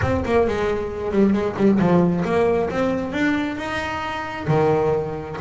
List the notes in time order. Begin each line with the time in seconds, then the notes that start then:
0.01 C4
0.25 A#3
0.47 G#3
1.11 G3
1.33 G#3
1.56 G3
1.79 F3
2.24 A#3
2.70 C4
3.12 D4
3.57 D#4
4.47 D#3